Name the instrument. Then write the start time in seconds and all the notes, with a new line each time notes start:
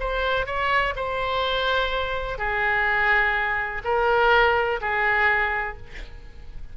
oboe
0.00 C5
0.46 C#5
0.96 C5
2.38 G#4
3.84 A#4
4.81 G#4